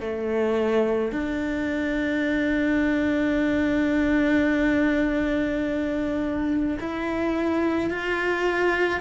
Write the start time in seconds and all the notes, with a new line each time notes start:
0.00 A3
1.12 D4
6.80 E4
7.90 F4